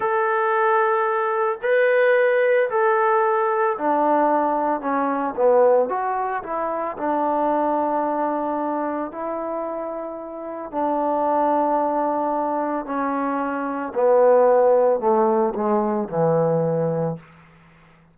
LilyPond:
\new Staff \with { instrumentName = "trombone" } { \time 4/4 \tempo 4 = 112 a'2. b'4~ | b'4 a'2 d'4~ | d'4 cis'4 b4 fis'4 | e'4 d'2.~ |
d'4 e'2. | d'1 | cis'2 b2 | a4 gis4 e2 | }